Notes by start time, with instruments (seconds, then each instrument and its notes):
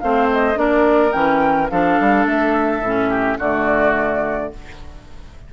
0.00 bassoon A3, clarinet C4, oboe C5, flute F5
0.33 flute D#5
0.55 bassoon A#3, clarinet D4, oboe A#4, flute D5
1.13 bassoon E3, clarinet C#4, flute G5
1.70 bassoon F3, clarinet D4, oboe A4, flute F5
2.00 bassoon G3
2.26 bassoon A3, flute E5
2.81 bassoon A2, clarinet C#4
3.09 oboe G4
3.39 bassoon D3, clarinet A3, oboe F#4, flute D5